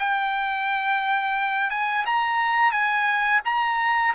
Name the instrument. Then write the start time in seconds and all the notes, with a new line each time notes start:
trumpet
0.00 G5
1.71 G#5
2.06 A#5
2.72 G#5
3.45 A#5